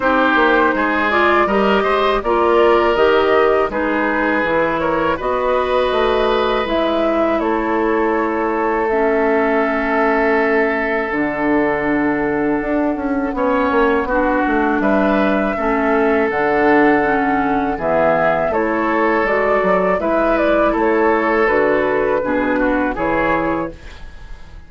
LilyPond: <<
  \new Staff \with { instrumentName = "flute" } { \time 4/4 \tempo 4 = 81 c''4. d''8 dis''4 d''4 | dis''4 b'4. cis''8 dis''4~ | dis''4 e''4 cis''2 | e''2. fis''4~ |
fis''1 | e''2 fis''2 | e''4 cis''4 d''4 e''8 d''8 | cis''4 b'2 cis''4 | }
  \new Staff \with { instrumentName = "oboe" } { \time 4/4 g'4 gis'4 ais'8 c''8 ais'4~ | ais'4 gis'4. ais'8 b'4~ | b'2 a'2~ | a'1~ |
a'2 cis''4 fis'4 | b'4 a'2. | gis'4 a'2 b'4 | a'2 gis'8 fis'8 gis'4 | }
  \new Staff \with { instrumentName = "clarinet" } { \time 4/4 dis'4. f'8 g'4 f'4 | g'4 dis'4 e'4 fis'4~ | fis'4 e'2. | cis'2. d'4~ |
d'2 cis'4 d'4~ | d'4 cis'4 d'4 cis'4 | b4 e'4 fis'4 e'4~ | e'4 fis'4 d'4 e'4 | }
  \new Staff \with { instrumentName = "bassoon" } { \time 4/4 c'8 ais8 gis4 g8 gis8 ais4 | dis4 gis4 e4 b4 | a4 gis4 a2~ | a2. d4~ |
d4 d'8 cis'8 b8 ais8 b8 a8 | g4 a4 d2 | e4 a4 gis8 fis8 gis4 | a4 d4 b,4 e4 | }
>>